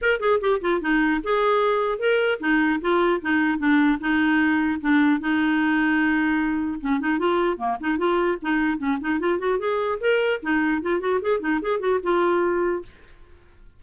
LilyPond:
\new Staff \with { instrumentName = "clarinet" } { \time 4/4 \tempo 4 = 150 ais'8 gis'8 g'8 f'8 dis'4 gis'4~ | gis'4 ais'4 dis'4 f'4 | dis'4 d'4 dis'2 | d'4 dis'2.~ |
dis'4 cis'8 dis'8 f'4 ais8 dis'8 | f'4 dis'4 cis'8 dis'8 f'8 fis'8 | gis'4 ais'4 dis'4 f'8 fis'8 | gis'8 dis'8 gis'8 fis'8 f'2 | }